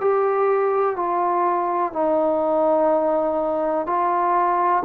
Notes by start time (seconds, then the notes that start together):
0.00 G4
0.96 F4
1.93 D#4
3.86 F4